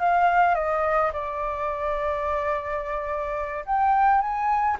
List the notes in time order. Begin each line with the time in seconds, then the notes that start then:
0.00 F5
0.55 D#5
1.13 D5
3.66 G5
4.21 G#5